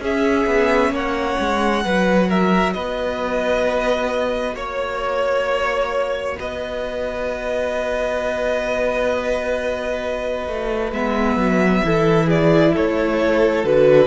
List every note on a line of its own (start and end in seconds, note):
0.00 0.45 C#4
0.00 1.83 C#4
0.00 0.93 G#4
0.00 0.95 E5
0.46 0.91 B3
0.91 1.36 A#3
0.91 1.84 C#5
0.91 2.30 F#5
1.40 1.85 G#3
1.83 2.76 F#3
1.83 10.92 F#4
1.83 2.28 B4
2.28 2.74 A#4
2.28 2.73 E5
2.73 4.54 B3
2.73 4.55 B4
2.73 4.55 D#5
4.54 6.36 A#3
4.54 6.37 C#5
4.54 6.39 C#5
6.39 10.48 B3
6.39 11.85 B4
6.39 10.93 D#5
10.48 10.92 A3
10.92 11.37 G#3
10.92 11.84 B3
10.92 12.29 E5
11.37 11.82 F#3
11.84 12.76 E3
11.84 13.64 E4
11.84 12.27 A4
12.27 12.72 G#4
12.27 12.75 D5
12.73 13.65 A3
12.73 14.07 A4
12.73 13.66 C#5
13.64 14.07 D3
13.64 14.07 F#4
13.64 14.07 B4